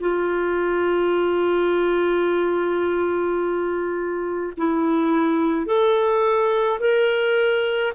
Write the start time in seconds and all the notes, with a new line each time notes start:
0.00 F4
4.57 E4
5.66 A4
6.80 A#4